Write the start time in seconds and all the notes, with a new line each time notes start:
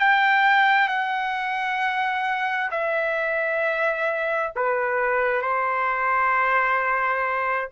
0.00 G5
0.88 F#5
2.71 E5
4.56 B4
5.42 C5